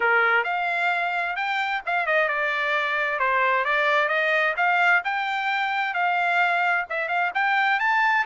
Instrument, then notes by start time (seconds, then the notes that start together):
trumpet
0.00 A#4
0.44 F5
1.36 G5
1.85 F5
2.06 D#5
2.28 D5
3.19 C5
3.65 D5
4.08 D#5
4.56 F5
5.04 G5
5.94 F5
6.89 E5
7.08 F5
7.34 G5
7.79 A5